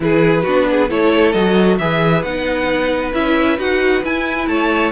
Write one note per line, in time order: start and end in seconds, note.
0.00 0.44 E3
0.00 0.45 E4
0.00 0.43 G#4
0.00 0.90 B4
0.43 0.90 B3
0.43 0.89 D4
0.43 0.65 F#4
0.70 0.89 G#4
0.89 1.34 A3
0.89 1.34 E4
0.89 1.78 A4
0.89 1.32 C#5
1.32 1.79 F#3
1.32 1.80 F#4
1.32 1.77 D#5
1.78 2.23 E3
1.78 2.24 G#4
1.78 4.49 B4
1.78 2.22 E5
2.22 3.13 B3
2.22 3.13 D#4
2.22 3.12 F#5
3.13 3.58 C#4
3.13 3.58 E4
3.13 3.59 E5
3.58 4.03 D#4
3.58 4.03 F#4
3.58 4.04 F#5
4.03 4.47 E4
4.03 4.91 E4
4.03 4.48 G#5
4.47 4.91 A3
4.47 4.91 C#5
4.47 4.91 A5